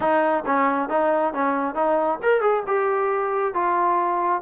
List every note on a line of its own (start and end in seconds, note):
0.00 0.44 D#4
0.46 0.89 C#4
0.89 1.33 D#4
1.33 1.74 C#4
1.74 2.19 D#4
2.22 2.41 A#4
2.41 2.63 G#4
2.66 3.54 G4
3.54 4.42 F4